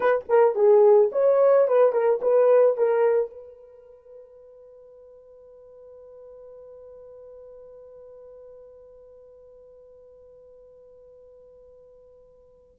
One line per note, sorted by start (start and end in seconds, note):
0.00 0.24 B4
0.28 0.55 A#4
0.55 1.10 G#4
1.11 1.67 C#5
1.67 1.92 B4
1.92 2.20 A#4
2.21 2.77 B4
2.77 3.31 A#4
3.31 12.75 B4